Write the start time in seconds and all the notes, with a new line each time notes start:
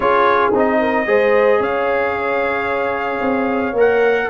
0.00 C#4 F4 G#4 C#5
0.53 C4 D#4 D#5
0.80 A#4
1.06 G#3 G#4 C5
1.59 C#4 C#5 F5
3.20 C4
3.72 A#3 A#4
3.79 F#5